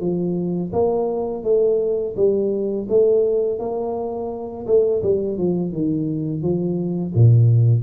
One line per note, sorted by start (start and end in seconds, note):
0.00 0.71 F3
0.72 1.43 A#3
1.43 2.15 A3
2.16 2.87 G3
2.89 3.59 A3
3.59 4.66 A#3
4.66 5.02 A3
5.02 5.38 G3
5.38 5.72 F3
5.72 6.42 D#3
6.42 7.13 F3
7.14 7.82 A#2